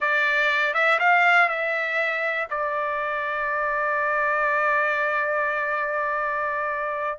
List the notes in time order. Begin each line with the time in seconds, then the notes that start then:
0.00 D5
0.74 E5
0.99 F5
1.48 E5
2.50 D5